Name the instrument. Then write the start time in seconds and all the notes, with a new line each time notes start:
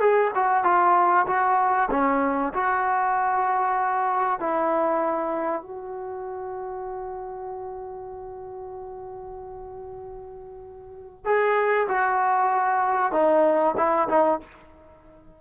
trombone
0.00 G#4
0.35 F#4
0.64 F4
1.26 F#4
1.90 C#4
2.53 F#4
4.39 E4
5.62 F#4
11.25 G#4
11.88 F#4
13.12 D#4
13.77 E4
14.09 D#4